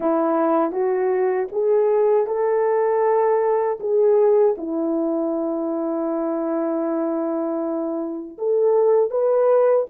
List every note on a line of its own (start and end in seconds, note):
0.00 0.71 E4
0.71 1.47 F#4
1.52 2.26 G#4
2.26 3.78 A4
3.79 4.55 G#4
4.57 8.37 E4
8.38 9.10 A4
9.10 9.86 B4